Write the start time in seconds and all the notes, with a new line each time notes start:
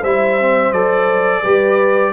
0.00 G3 E4 C5 E5
0.40 C4
0.72 F#3 A4 D5
1.42 G3 G4 B4